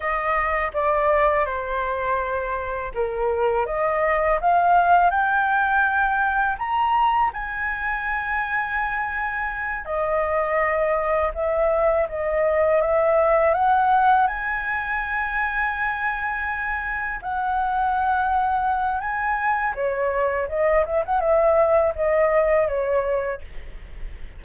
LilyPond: \new Staff \with { instrumentName = "flute" } { \time 4/4 \tempo 4 = 82 dis''4 d''4 c''2 | ais'4 dis''4 f''4 g''4~ | g''4 ais''4 gis''2~ | gis''4. dis''2 e''8~ |
e''8 dis''4 e''4 fis''4 gis''8~ | gis''2.~ gis''8 fis''8~ | fis''2 gis''4 cis''4 | dis''8 e''16 fis''16 e''4 dis''4 cis''4 | }